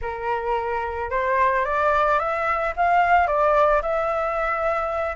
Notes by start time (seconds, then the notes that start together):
0.01 A#4
1.10 C5
1.64 D5
2.19 E5
2.76 F5
3.27 D5
3.82 E5